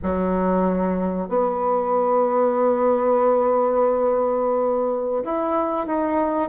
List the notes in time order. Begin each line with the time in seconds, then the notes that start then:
0.02 F#3
1.28 B3
5.24 E4
5.86 D#4